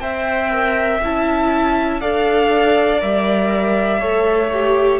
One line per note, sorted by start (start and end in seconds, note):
0.00 1.00 C4
0.00 0.51 C5
0.00 2.01 E5
0.00 1.00 G5
0.51 1.01 A#4
1.04 2.02 C#4
1.04 2.01 E4
1.04 2.01 A5
2.01 3.02 D4
2.01 2.99 A4
2.01 4.01 D5
2.01 3.01 F5
2.99 4.01 G3
2.99 3.99 A#4
2.99 5.00 E5
4.01 5.00 A3
4.01 4.51 A4
4.01 5.00 C#5
4.53 5.00 G4